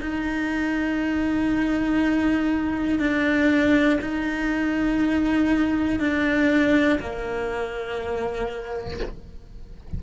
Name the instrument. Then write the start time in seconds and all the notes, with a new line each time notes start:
cello
0.00 D#4
2.99 D4
4.01 D#4
5.99 D4
7.00 A#3